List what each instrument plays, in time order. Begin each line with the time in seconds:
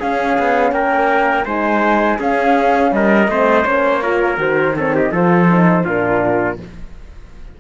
0.00 horn C#4, cello C#4, trumpet G#4, flute F5
0.39 cello B3
0.72 cello A#3, trumpet A#4, flute G5
1.46 cello G#3, horn D#4, trumpet C5, flute G#5
2.19 horn C#4, cello C#4, trumpet G#4, flute F5
2.92 cello G3, trumpet A#4, flute D#5
3.28 cello A3, horn C4, trumpet C5
3.65 cello A#3, horn C#4, flute C#5
4.03 horn F4, trumpet A#4
4.37 cello D#3, horn F#4, flute C5
4.77 horn C4, trumpet A4, flute C#5
4.96 trumpet G4, flute D#5
5.12 cello F3, horn F4, trumpet A4, flute C5
5.51 horn D#4
5.85 cello A#2, horn D4, trumpet F4, flute A#4